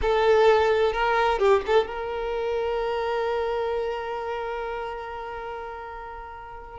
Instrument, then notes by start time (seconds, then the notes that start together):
violin
0.01 A4
0.93 A#4
1.38 G4
1.66 A4
1.86 A#4